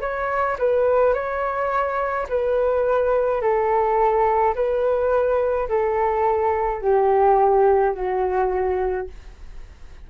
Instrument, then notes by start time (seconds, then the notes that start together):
flute
0.00 C#5
0.59 B4
1.13 C#5
2.28 B4
3.41 A4
4.55 B4
5.68 A4
6.81 G4
7.94 F#4